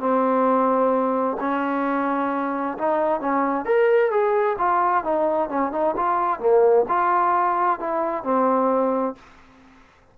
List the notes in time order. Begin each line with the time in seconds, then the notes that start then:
0.00 C4
1.40 C#4
2.78 D#4
3.21 C#4
3.65 A#4
4.11 G#4
4.59 F4
5.04 D#4
5.49 C#4
5.72 D#4
5.97 F4
6.40 A#3
6.89 F4
7.80 E4
8.24 C4